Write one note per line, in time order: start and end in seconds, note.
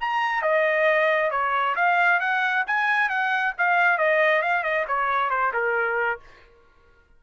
0.00 0.42 A#5
0.42 1.30 D#5
1.30 1.75 C#5
1.75 2.20 F5
2.20 2.64 F#5
2.66 3.09 G#5
3.09 3.53 F#5
3.58 3.98 F5
3.98 4.42 D#5
4.42 4.63 F5
4.63 4.85 D#5
4.87 5.30 C#5
5.30 5.52 C5
5.53 6.20 A#4